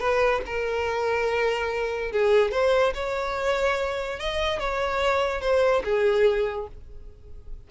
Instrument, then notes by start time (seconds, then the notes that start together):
violin
0.00 B4
0.46 A#4
2.12 G#4
2.52 C5
2.95 C#5
4.20 D#5
4.60 C#5
5.41 C5
5.84 G#4